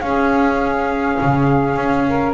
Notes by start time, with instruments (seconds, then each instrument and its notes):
0.00 double bass C#4, viola C#4, saxophone G#4, flute F5
1.21 double bass C#3
1.76 double bass C#4
2.07 saxophone A#4